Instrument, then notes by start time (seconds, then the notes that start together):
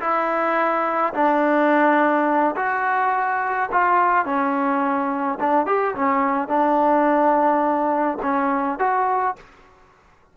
trombone
0.00 E4
1.13 D4
2.56 F#4
3.71 F4
4.25 C#4
5.40 D4
5.66 G4
5.95 C#4
6.48 D4
8.22 C#4
8.79 F#4